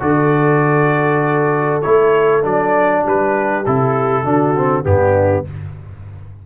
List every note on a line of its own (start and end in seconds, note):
0.00 1.83 D3
0.00 1.82 F#4
0.00 3.03 A4
0.00 1.82 D5
1.82 2.44 A3
1.82 2.43 E4
1.82 2.42 C#5
2.43 3.05 F#3
2.43 3.64 D4
2.43 3.06 D5
3.04 3.67 G3
3.04 4.24 G4
3.04 3.66 B4
3.66 4.24 C3
3.66 4.25 E4
3.66 4.85 A4
4.24 4.85 D3
4.24 4.55 D4
4.24 4.85 F#4
4.56 4.84 C4
4.84 5.46 G2
4.84 5.45 B3
4.84 5.46 D4
4.84 5.46 G4